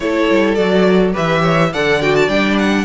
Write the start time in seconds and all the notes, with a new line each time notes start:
0.00 A3 E4 A4 C#5
0.30 G3
0.54 F#3 F#4 D5
1.12 E3 G4 B4 E5
1.41 C#5
1.73 D3 A4 D5 F#5
2.01 F#4 G5
2.15 A5
2.28 G3 D4 G5
2.58 F#5